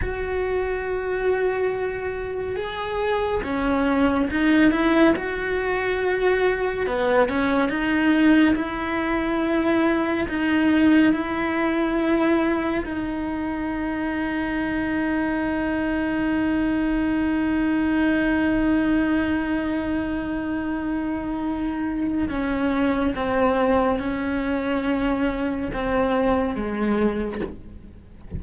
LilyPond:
\new Staff \with { instrumentName = "cello" } { \time 4/4 \tempo 4 = 70 fis'2. gis'4 | cis'4 dis'8 e'8 fis'2 | b8 cis'8 dis'4 e'2 | dis'4 e'2 dis'4~ |
dis'1~ | dis'1~ | dis'2 cis'4 c'4 | cis'2 c'4 gis4 | }